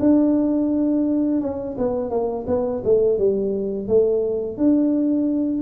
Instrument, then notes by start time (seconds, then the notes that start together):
tuba
0.00 D4
1.41 C#4
1.78 B3
2.10 A#3
2.47 B3
2.85 A3
3.18 G3
3.88 A3
4.58 D4